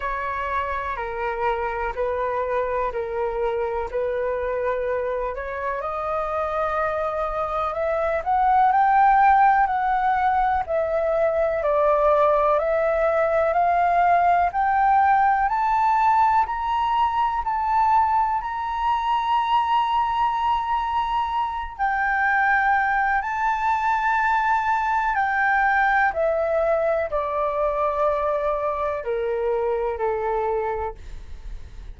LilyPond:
\new Staff \with { instrumentName = "flute" } { \time 4/4 \tempo 4 = 62 cis''4 ais'4 b'4 ais'4 | b'4. cis''8 dis''2 | e''8 fis''8 g''4 fis''4 e''4 | d''4 e''4 f''4 g''4 |
a''4 ais''4 a''4 ais''4~ | ais''2~ ais''8 g''4. | a''2 g''4 e''4 | d''2 ais'4 a'4 | }